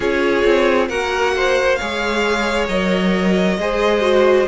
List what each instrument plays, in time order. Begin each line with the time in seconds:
0.00 cello C#4, viola F4, violin G#4 C#5
0.44 cello C4
0.88 cello A#3, viola F#4, violin A#4 F#5
1.36 violin C5
1.75 cello G#3, viola G#4, violin C#5 F5
2.68 cello F#3, viola A#4, violin D#5
3.57 cello G#3, viola G#4, violin C5
4.00 viola F#4